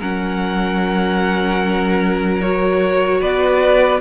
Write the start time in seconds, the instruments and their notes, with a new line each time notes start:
0.00 cello F#3, viola C#4, violin A#4 F#5
2.41 viola F#4, violin C#5
3.21 cello B3, violin B4 D5